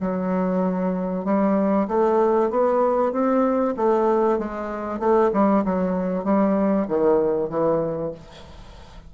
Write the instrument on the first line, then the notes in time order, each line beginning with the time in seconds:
bassoon
0.00 F#3
1.24 G3
1.88 A3
2.50 B3
3.12 C4
3.76 A3
4.38 G#3
4.99 A3
5.33 G3
5.64 F#3
6.24 G3
6.87 D#3
7.49 E3